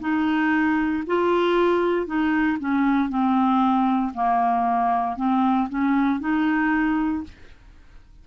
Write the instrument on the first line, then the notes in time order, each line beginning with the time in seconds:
clarinet
0.00 D#4
1.07 F4
2.06 D#4
2.59 C#4
3.09 C4
4.14 A#3
5.16 C4
5.69 C#4
6.20 D#4